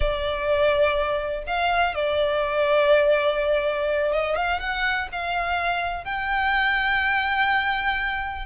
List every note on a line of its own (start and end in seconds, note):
0.00 1.43 D5
1.46 1.94 F5
1.94 4.12 D5
4.12 4.35 D#5
4.35 4.60 F5
4.60 5.08 F#5
5.12 6.04 F5
6.04 8.46 G5